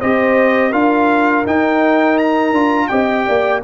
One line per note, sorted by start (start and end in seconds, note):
0.00 0.73 C4
0.00 0.72 G4
0.00 0.70 C5
0.00 0.73 D#5
0.70 1.45 D4
0.70 1.44 F4
0.70 2.87 A#4
0.70 1.45 F5
1.46 2.52 D#4
1.46 2.54 D#4
1.46 2.18 G5
2.18 2.88 A#5
2.52 2.88 D4
2.52 2.90 F4
2.88 3.28 C4
2.88 3.62 G4
2.88 3.25 D#5
2.88 3.60 G5
3.26 3.64 A#3
3.26 3.62 D5